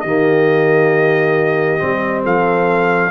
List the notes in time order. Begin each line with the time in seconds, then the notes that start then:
0.00 D#3 A#3 G4 D#5
1.78 G3 C4
2.22 F3 A4 F5